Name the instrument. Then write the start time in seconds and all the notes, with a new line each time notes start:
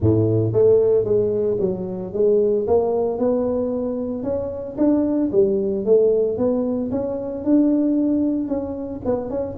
tuba
0.00 A2
0.52 A3
1.04 G#3
1.60 F#3
2.13 G#3
2.67 A#3
3.18 B3
4.23 C#4
4.77 D4
5.32 G3
5.85 A3
6.37 B3
6.91 C#4
7.44 D4
8.47 C#4
9.05 B3
9.30 C#4